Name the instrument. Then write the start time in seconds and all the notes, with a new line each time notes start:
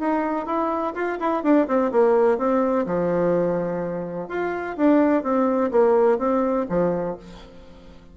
bassoon
0.00 D#4
0.47 E4
0.95 F4
1.20 E4
1.44 D4
1.68 C4
1.92 A#3
2.39 C4
2.87 F3
4.29 F4
4.77 D4
5.24 C4
5.72 A#3
6.19 C4
6.70 F3